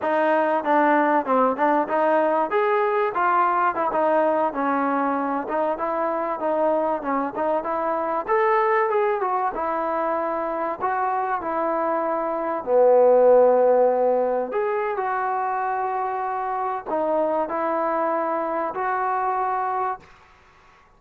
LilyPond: \new Staff \with { instrumentName = "trombone" } { \time 4/4 \tempo 4 = 96 dis'4 d'4 c'8 d'8 dis'4 | gis'4 f'4 e'16 dis'4 cis'8.~ | cis'8. dis'8 e'4 dis'4 cis'8 dis'16~ | dis'16 e'4 a'4 gis'8 fis'8 e'8.~ |
e'4~ e'16 fis'4 e'4.~ e'16~ | e'16 b2. gis'8. | fis'2. dis'4 | e'2 fis'2 | }